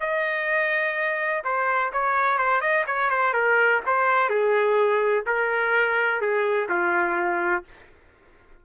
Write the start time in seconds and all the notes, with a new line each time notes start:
0.00 D#5
1.44 C5
1.92 C#5
2.38 C5
2.61 D#5
2.86 C#5
3.10 C5
3.33 A#4
3.86 C5
4.29 G#4
5.26 A#4
6.21 G#4
6.69 F4